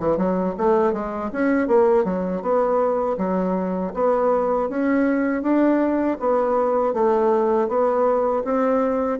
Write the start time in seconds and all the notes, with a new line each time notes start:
0.00 E3
0.17 F#3
0.58 A3
0.93 G#3
1.33 C#4
1.68 A#3
2.05 F#3
2.42 B3
3.18 F#3
3.94 B3
4.70 C#4
5.43 D4
6.20 B3
6.94 A3
7.69 B3
8.45 C4